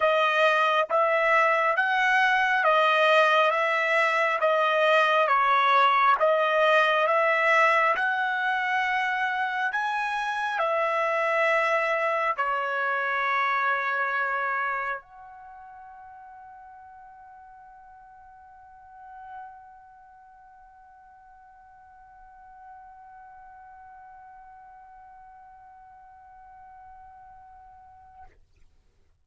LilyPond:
\new Staff \with { instrumentName = "trumpet" } { \time 4/4 \tempo 4 = 68 dis''4 e''4 fis''4 dis''4 | e''4 dis''4 cis''4 dis''4 | e''4 fis''2 gis''4 | e''2 cis''2~ |
cis''4 fis''2.~ | fis''1~ | fis''1~ | fis''1 | }